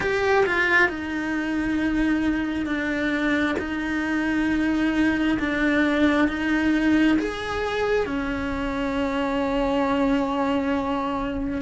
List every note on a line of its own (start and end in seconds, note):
0.00 0.45 G4
0.46 0.88 F4
0.88 2.65 D#4
2.65 3.55 D4
3.59 5.38 D#4
5.39 6.28 D4
6.28 7.17 D#4
7.18 8.06 G#4
8.06 11.61 C#4